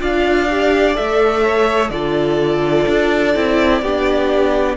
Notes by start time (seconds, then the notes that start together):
0.00 D4 F4 D5 F5
0.50 G4
0.94 A3 A4 E5
1.44 C#5
1.90 D3 F4 A4 D5
2.88 D4
3.35 C4 E4
3.82 B3 D4 G4